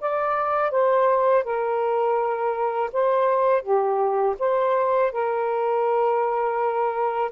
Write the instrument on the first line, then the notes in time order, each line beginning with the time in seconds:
saxophone
0.00 D5
0.71 C5
1.44 A#4
2.92 C5
3.62 G4
4.39 C5
5.12 A#4